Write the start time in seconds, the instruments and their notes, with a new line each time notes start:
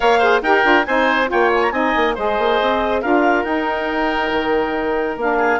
0.00 bassoon A#3, saxophone A#4, oboe C#5, clarinet F5
0.19 saxophone G#4, oboe C5
0.42 bassoon D#4, saxophone G4, oboe A#4, clarinet G5
0.62 bassoon D4, saxophone F4
0.85 bassoon C4, saxophone D#4, oboe C5, clarinet G#5
1.27 bassoon A#3, saxophone F4, oboe C#5, clarinet G5
1.53 clarinet G#5
1.63 clarinet A#5
1.71 bassoon C4, saxophone D#4, oboe D#5, clarinet G#5
1.96 bassoon A#3
2.14 bassoon G#3, saxophone G#4, oboe C5, clarinet D#5
2.38 bassoon A#3
2.61 bassoon C4
3.01 bassoon D4, saxophone F4, oboe A#4, clarinet F5
3.44 bassoon D#4, saxophone D#4, clarinet G5
4.32 bassoon D#3
5.16 bassoon A#3, saxophone D4, clarinet F5
5.38 oboe G#4